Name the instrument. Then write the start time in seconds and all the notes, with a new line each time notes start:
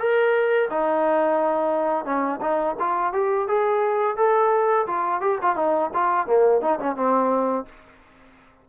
trombone
0.00 A#4
0.71 D#4
2.05 C#4
2.42 D#4
2.80 F4
3.14 G4
3.49 G#4
4.17 A4
4.87 F4
5.22 G4
5.43 F4
5.56 D#4
5.94 F4
6.27 A#3
6.62 D#4
6.80 C#4
6.96 C4